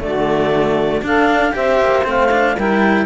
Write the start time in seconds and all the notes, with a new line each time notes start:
0.00 D3 A3 F#4 D5
1.02 D4 A4 F5
1.52 C4 G4 C5 E5
1.81 A#3
2.04 A3 C4 F5
2.32 D4
2.57 G3 E4 A#4 G5